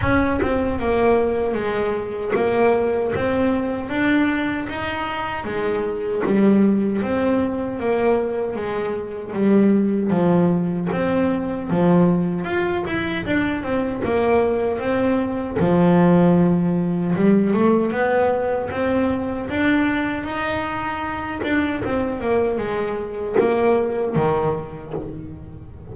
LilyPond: \new Staff \with { instrumentName = "double bass" } { \time 4/4 \tempo 4 = 77 cis'8 c'8 ais4 gis4 ais4 | c'4 d'4 dis'4 gis4 | g4 c'4 ais4 gis4 | g4 f4 c'4 f4 |
f'8 e'8 d'8 c'8 ais4 c'4 | f2 g8 a8 b4 | c'4 d'4 dis'4. d'8 | c'8 ais8 gis4 ais4 dis4 | }